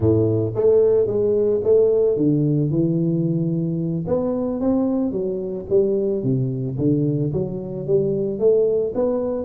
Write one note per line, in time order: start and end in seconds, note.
0.00 0.53 A2
0.55 1.06 A3
1.06 1.60 G#3
1.63 2.16 A3
2.16 2.70 D3
2.70 4.05 E3
4.07 4.60 B3
4.60 5.11 C4
5.11 5.65 F#3
5.69 6.23 G3
6.23 6.77 C3
6.78 7.32 D3
7.32 7.86 F#3
7.86 8.39 G3
8.39 8.93 A3
8.94 9.44 B3